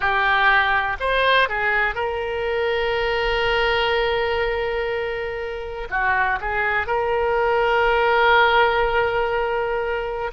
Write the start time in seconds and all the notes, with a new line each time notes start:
0.00 G4
1.00 C5
1.48 G#4
1.94 A#4
5.90 F#4
6.40 G#4
6.86 A#4